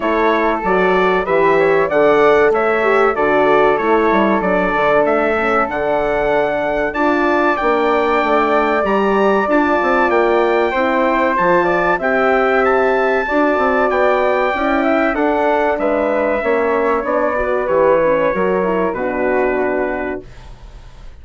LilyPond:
<<
  \new Staff \with { instrumentName = "trumpet" } { \time 4/4 \tempo 4 = 95 cis''4 d''4 e''4 fis''4 | e''4 d''4 cis''4 d''4 | e''4 fis''2 a''4 | g''2 ais''4 a''4 |
g''2 a''4 g''4 | a''2 g''2 | fis''4 e''2 d''4 | cis''2 b'2 | }
  \new Staff \with { instrumentName = "flute" } { \time 4/4 a'2 b'8 cis''8 d''4 | cis''4 a'2.~ | a'2. d''4~ | d''1~ |
d''4 c''4. d''8 e''4~ | e''4 d''2~ d''8 e''8 | a'4 b'4 cis''4. b'8~ | b'4 ais'4 fis'2 | }
  \new Staff \with { instrumentName = "horn" } { \time 4/4 e'4 fis'4 g'4 a'4~ | a'8 g'8 fis'4 e'4 d'4~ | d'8 cis'8 d'2 f'4 | d'2 g'4 f'4~ |
f'4 e'4 f'4 g'4~ | g'4 fis'2 e'4 | d'2 cis'4 d'8 fis'8 | g'8 cis'8 fis'8 e'8 d'2 | }
  \new Staff \with { instrumentName = "bassoon" } { \time 4/4 a4 fis4 e4 d4 | a4 d4 a8 g8 fis8 d8 | a4 d2 d'4 | ais4 a4 g4 d'8 c'8 |
ais4 c'4 f4 c'4~ | c'4 d'8 c'8 b4 cis'4 | d'4 gis4 ais4 b4 | e4 fis4 b,2 | }
>>